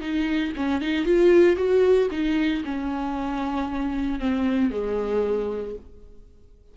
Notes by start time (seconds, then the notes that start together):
0.00 D#4
0.56 C#4
0.81 D#4
1.05 F4
1.56 F#4
2.11 D#4
2.65 C#4
4.20 C4
4.71 G#3